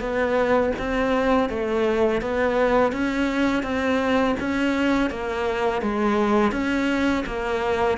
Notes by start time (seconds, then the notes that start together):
0.00 B3
0.78 C4
1.49 A3
2.21 B3
2.92 C#4
3.63 C4
4.40 C#4
5.10 A#3
5.82 G#3
6.52 C#4
7.26 A#3